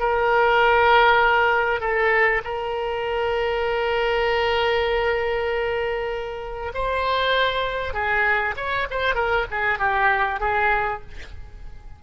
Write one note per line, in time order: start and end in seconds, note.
0.00 1.81 A#4
1.81 2.42 A4
2.44 6.73 A#4
6.74 7.94 C5
7.94 8.55 G#4
8.57 8.87 C#5
8.91 9.15 C5
9.15 9.46 A#4
9.51 9.79 G#4
9.79 10.40 G4
10.40 11.01 G#4